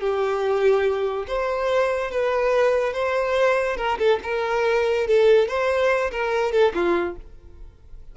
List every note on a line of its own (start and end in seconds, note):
0.00 1.26 G4
1.27 2.11 C5
2.11 2.93 B4
2.93 3.76 C5
3.76 3.97 A#4
3.98 4.19 A4
4.23 5.07 A#4
5.07 5.48 A4
5.48 6.10 C5
6.11 6.51 A#4
6.51 6.72 A4
6.74 7.16 F4